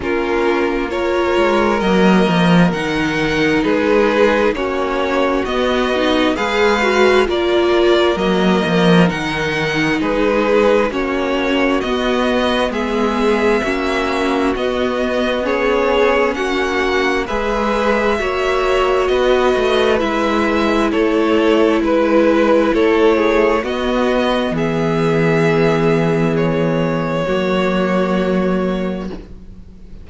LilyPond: <<
  \new Staff \with { instrumentName = "violin" } { \time 4/4 \tempo 4 = 66 ais'4 cis''4 dis''4 fis''4 | b'4 cis''4 dis''4 f''4 | d''4 dis''4 fis''4 b'4 | cis''4 dis''4 e''2 |
dis''4 cis''4 fis''4 e''4~ | e''4 dis''4 e''4 cis''4 | b'4 cis''4 dis''4 e''4~ | e''4 cis''2. | }
  \new Staff \with { instrumentName = "violin" } { \time 4/4 f'4 ais'2. | gis'4 fis'2 b'4 | ais'2. gis'4 | fis'2 gis'4 fis'4~ |
fis'4 gis'4 fis'4 b'4 | cis''4 b'2 a'4 | b'4 a'8 gis'8 fis'4 gis'4~ | gis'2 fis'2 | }
  \new Staff \with { instrumentName = "viola" } { \time 4/4 cis'4 f'4 ais4 dis'4~ | dis'4 cis'4 b8 dis'8 gis'8 fis'8 | f'4 ais4 dis'2 | cis'4 b2 cis'4 |
b4 cis'2 gis'4 | fis'2 e'2~ | e'2 b2~ | b2 ais2 | }
  \new Staff \with { instrumentName = "cello" } { \time 4/4 ais4. gis8 fis8 f8 dis4 | gis4 ais4 b4 gis4 | ais4 fis8 f8 dis4 gis4 | ais4 b4 gis4 ais4 |
b2 ais4 gis4 | ais4 b8 a8 gis4 a4 | gis4 a4 b4 e4~ | e2 fis2 | }
>>